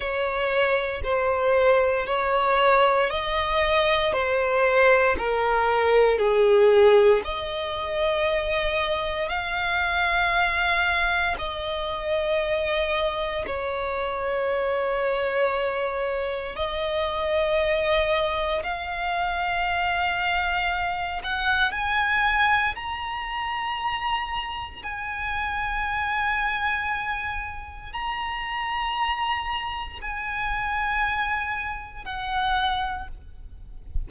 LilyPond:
\new Staff \with { instrumentName = "violin" } { \time 4/4 \tempo 4 = 58 cis''4 c''4 cis''4 dis''4 | c''4 ais'4 gis'4 dis''4~ | dis''4 f''2 dis''4~ | dis''4 cis''2. |
dis''2 f''2~ | f''8 fis''8 gis''4 ais''2 | gis''2. ais''4~ | ais''4 gis''2 fis''4 | }